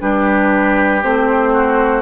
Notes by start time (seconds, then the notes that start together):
0.00 G3 D4 G4 B4
1.03 A3 C4 C5
1.53 F#4